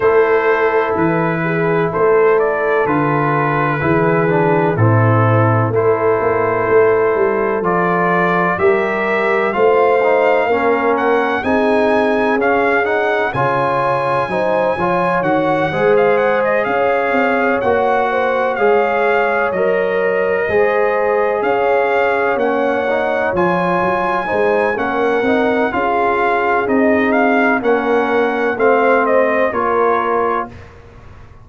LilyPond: <<
  \new Staff \with { instrumentName = "trumpet" } { \time 4/4 \tempo 4 = 63 c''4 b'4 c''8 d''8 b'4~ | b'4 a'4 c''2 | d''4 e''4 f''4. fis''8 | gis''4 f''8 fis''8 gis''2 |
fis''8. f''16 fis''16 dis''16 f''4 fis''4 f''8~ | f''8 dis''2 f''4 fis''8~ | fis''8 gis''4. fis''4 f''4 | dis''8 f''8 fis''4 f''8 dis''8 cis''4 | }
  \new Staff \with { instrumentName = "horn" } { \time 4/4 a'4. gis'8 a'2 | gis'4 e'4 a'2~ | a'4 ais'4 c''4 ais'4 | gis'2 cis''4 c''8 cis''8~ |
cis''8 c''4 cis''4. c''8 cis''8~ | cis''4. c''4 cis''4.~ | cis''4. c''8 ais'4 gis'4~ | gis'4 ais'4 c''4 ais'4 | }
  \new Staff \with { instrumentName = "trombone" } { \time 4/4 e'2. f'4 | e'8 d'8 c'4 e'2 | f'4 g'4 f'8 dis'8 cis'4 | dis'4 cis'8 dis'8 f'4 dis'8 f'8 |
fis'8 gis'2 fis'4 gis'8~ | gis'8 ais'4 gis'2 cis'8 | dis'8 f'4 dis'8 cis'8 dis'8 f'4 | dis'4 cis'4 c'4 f'4 | }
  \new Staff \with { instrumentName = "tuba" } { \time 4/4 a4 e4 a4 d4 | e4 a,4 a8 ais8 a8 g8 | f4 g4 a4 ais4 | c'4 cis'4 cis4 fis8 f8 |
dis8 gis4 cis'8 c'8 ais4 gis8~ | gis8 fis4 gis4 cis'4 ais8~ | ais8 f8 fis8 gis8 ais8 c'8 cis'4 | c'4 ais4 a4 ais4 | }
>>